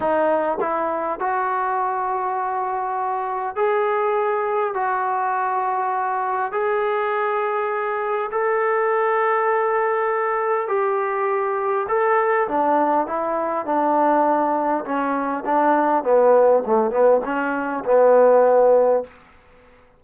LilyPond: \new Staff \with { instrumentName = "trombone" } { \time 4/4 \tempo 4 = 101 dis'4 e'4 fis'2~ | fis'2 gis'2 | fis'2. gis'4~ | gis'2 a'2~ |
a'2 g'2 | a'4 d'4 e'4 d'4~ | d'4 cis'4 d'4 b4 | a8 b8 cis'4 b2 | }